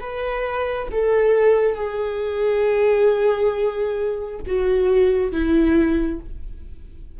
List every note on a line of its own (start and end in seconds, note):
0.00 0.88 B4
0.91 1.74 A4
1.74 4.39 G#4
4.46 5.32 F#4
5.32 6.20 E4